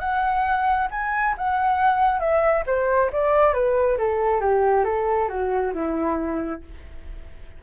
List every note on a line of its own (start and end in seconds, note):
0.00 0.88 F#5
0.91 1.35 G#5
1.38 2.20 F#5
2.20 2.64 E5
2.67 3.11 C5
3.13 3.54 D5
3.54 3.98 B4
3.98 4.41 A4
4.41 4.85 G4
4.85 5.29 A4
5.29 5.73 F#4
5.74 6.62 E4